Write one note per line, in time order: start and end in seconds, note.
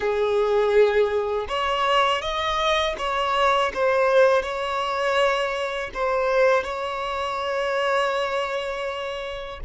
0.00 1.46 G#4
1.48 2.21 C#5
2.21 2.95 D#5
2.98 3.72 C#5
3.74 4.42 C5
4.42 5.90 C#5
5.94 6.63 C5
6.63 9.60 C#5